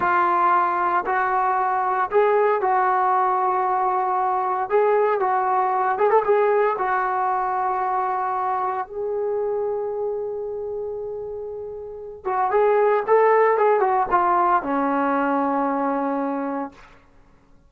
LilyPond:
\new Staff \with { instrumentName = "trombone" } { \time 4/4 \tempo 4 = 115 f'2 fis'2 | gis'4 fis'2.~ | fis'4 gis'4 fis'4. gis'16 a'16 | gis'4 fis'2.~ |
fis'4 gis'2.~ | gis'2.~ gis'8 fis'8 | gis'4 a'4 gis'8 fis'8 f'4 | cis'1 | }